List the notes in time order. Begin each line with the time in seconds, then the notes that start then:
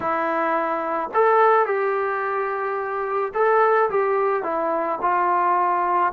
0.00 E4
1.14 A4
1.66 G4
3.34 A4
3.89 G4
4.43 E4
5.02 F4